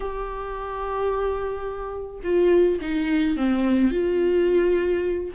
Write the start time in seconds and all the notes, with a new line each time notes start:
0.00 G4
2.23 F4
2.81 D#4
3.36 C4
3.91 F4